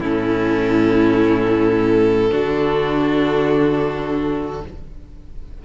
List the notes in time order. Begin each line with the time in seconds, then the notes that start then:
0.00 A2 C#4 E4 A4
2.30 D3 D4 F#4